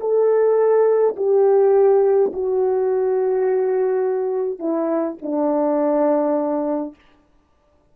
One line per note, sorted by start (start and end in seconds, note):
0.00 1.15 A4
1.16 2.31 G4
2.33 4.58 F#4
4.58 5.16 E4
5.21 6.94 D4